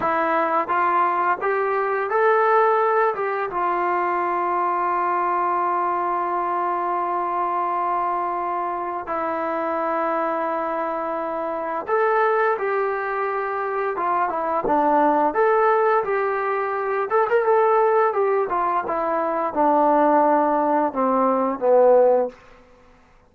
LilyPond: \new Staff \with { instrumentName = "trombone" } { \time 4/4 \tempo 4 = 86 e'4 f'4 g'4 a'4~ | a'8 g'8 f'2.~ | f'1~ | f'4 e'2.~ |
e'4 a'4 g'2 | f'8 e'8 d'4 a'4 g'4~ | g'8 a'16 ais'16 a'4 g'8 f'8 e'4 | d'2 c'4 b4 | }